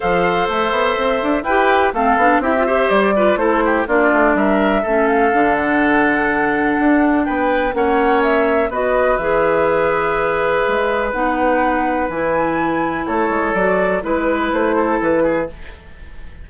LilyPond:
<<
  \new Staff \with { instrumentName = "flute" } { \time 4/4 \tempo 4 = 124 f''4 e''2 g''4 | f''4 e''4 d''4 c''4 | d''4 e''4. f''4 fis''8~ | fis''2. g''4 |
fis''4 e''4 dis''4 e''4~ | e''2. fis''4~ | fis''4 gis''2 cis''4 | d''4 b'4 c''4 b'4 | }
  \new Staff \with { instrumentName = "oboe" } { \time 4/4 c''2. b'4 | a'4 g'8 c''4 b'8 a'8 g'8 | f'4 ais'4 a'2~ | a'2. b'4 |
cis''2 b'2~ | b'1~ | b'2. a'4~ | a'4 b'4. a'4 gis'8 | }
  \new Staff \with { instrumentName = "clarinet" } { \time 4/4 a'2. g'4 | c'8 d'8 e'16 f'16 g'4 f'8 e'4 | d'2 cis'4 d'4~ | d'1 |
cis'2 fis'4 gis'4~ | gis'2. dis'4~ | dis'4 e'2. | fis'4 e'2. | }
  \new Staff \with { instrumentName = "bassoon" } { \time 4/4 f4 a8 b8 c'8 d'8 e'4 | a8 b8 c'4 g4 a4 | ais8 a8 g4 a4 d4~ | d2 d'4 b4 |
ais2 b4 e4~ | e2 gis4 b4~ | b4 e2 a8 gis8 | fis4 gis4 a4 e4 | }
>>